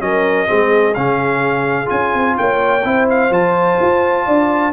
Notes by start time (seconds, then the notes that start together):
0.00 F#3 C#4 A#4 D#5
0.47 G#3 C4 G#4
0.95 C#3 C#4 F5
1.86 C#4 F4 G#5
2.14 C4
2.37 A#3 C#5 G5
2.84 C4 E4 C5
3.10 F5
3.30 F3 F4 A5
3.81 F4
4.26 D4 D5